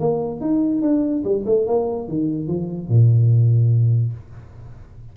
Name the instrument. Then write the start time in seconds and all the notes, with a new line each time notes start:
tuba
0.00 A#3
0.41 D#4
0.82 D4
1.25 G3
1.46 A3
1.67 A#3
2.08 D#3
2.48 F3
2.89 A#2